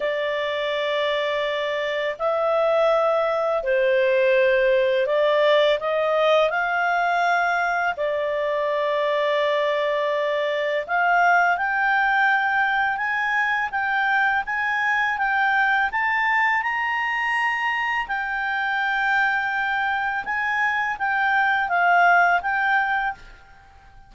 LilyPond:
\new Staff \with { instrumentName = "clarinet" } { \time 4/4 \tempo 4 = 83 d''2. e''4~ | e''4 c''2 d''4 | dis''4 f''2 d''4~ | d''2. f''4 |
g''2 gis''4 g''4 | gis''4 g''4 a''4 ais''4~ | ais''4 g''2. | gis''4 g''4 f''4 g''4 | }